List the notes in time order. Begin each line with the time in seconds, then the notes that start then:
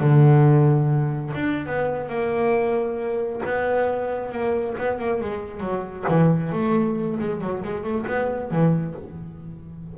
0.00 D3
1.35 D4
1.67 B3
2.09 A#3
3.46 B3
4.32 A#3
4.78 B3
5.00 A#3
5.21 G#3
5.61 F#3
6.09 E3
6.53 A3
7.20 G#3
7.42 F#3
7.64 G#3
7.84 A3
8.08 B3
8.51 E3